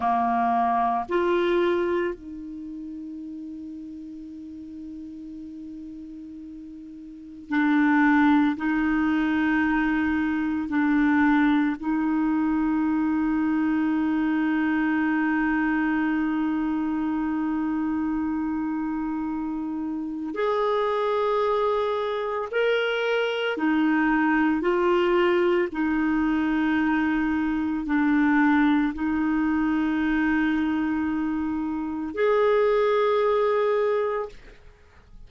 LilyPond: \new Staff \with { instrumentName = "clarinet" } { \time 4/4 \tempo 4 = 56 ais4 f'4 dis'2~ | dis'2. d'4 | dis'2 d'4 dis'4~ | dis'1~ |
dis'2. gis'4~ | gis'4 ais'4 dis'4 f'4 | dis'2 d'4 dis'4~ | dis'2 gis'2 | }